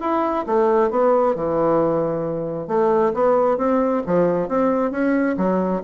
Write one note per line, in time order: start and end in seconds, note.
0.00 0.45 E4
0.46 0.90 A3
0.90 1.35 B3
1.35 2.67 E3
2.67 3.12 A3
3.14 3.57 B3
3.57 4.02 C4
4.06 4.48 F3
4.48 4.91 C4
4.91 5.36 C#4
5.37 5.82 F#3